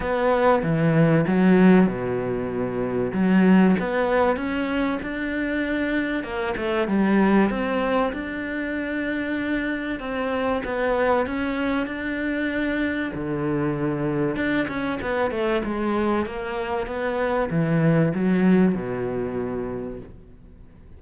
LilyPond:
\new Staff \with { instrumentName = "cello" } { \time 4/4 \tempo 4 = 96 b4 e4 fis4 b,4~ | b,4 fis4 b4 cis'4 | d'2 ais8 a8 g4 | c'4 d'2. |
c'4 b4 cis'4 d'4~ | d'4 d2 d'8 cis'8 | b8 a8 gis4 ais4 b4 | e4 fis4 b,2 | }